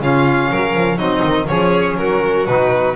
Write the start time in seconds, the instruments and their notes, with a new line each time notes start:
0.00 double bass C#3, trombone C#4, violin F4 F5
0.50 double bass F#3, violin A#4
0.74 double bass F3
0.96 double bass F#3, trombone C4, violin D#4 D#5
1.24 double bass D#3
1.47 double bass F3, trombone C#4, violin G#4 C#5
1.98 double bass F#3, violin F#4 A#4
2.47 double bass B2, trombone D#4, violin B4